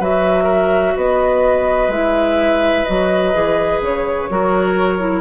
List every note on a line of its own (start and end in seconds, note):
0.00 0.95 F#3
0.00 1.92 F#4
0.00 0.44 B4
0.00 0.97 E5
0.44 0.92 A#4
0.96 1.88 B3
0.96 4.30 B4
0.96 1.91 D#5
1.88 2.84 G#3
1.88 2.87 E4
1.88 2.85 E5
2.85 3.35 F#3
2.85 3.33 F#4
2.85 3.80 D#5
3.33 3.82 E3
3.33 4.29 G#4
3.82 4.29 C#3
3.82 5.22 C#5
4.30 5.22 F#3
4.30 4.99 F#4
4.30 5.22 A#4
4.99 5.22 E4